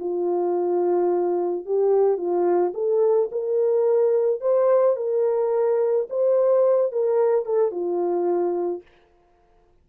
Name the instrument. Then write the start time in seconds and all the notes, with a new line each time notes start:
horn
0.00 F4
1.66 G4
2.17 F4
2.74 A4
3.32 A#4
4.41 C5
4.97 A#4
6.10 C5
6.92 A#4
7.45 A4
7.71 F4